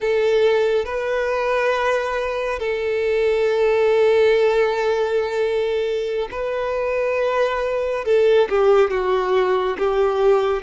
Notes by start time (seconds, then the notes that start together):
0.00 A4
0.85 B4
2.59 A4
6.31 B4
8.04 A4
8.49 G4
8.90 F#4
9.77 G4